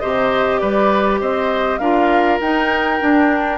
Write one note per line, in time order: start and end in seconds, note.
0.00 0.62 C3
0.00 1.80 G4
0.00 0.60 C5
0.00 0.58 D#5
0.58 1.21 G3
0.58 1.20 B4
0.58 1.19 D5
1.20 1.79 C4
1.20 1.79 C5
1.20 1.78 D#5
1.78 2.40 D4
1.78 2.41 F4
1.78 3.58 A#4
1.78 2.38 F5
2.40 3.00 D#4
2.40 3.58 G5
3.00 3.58 D4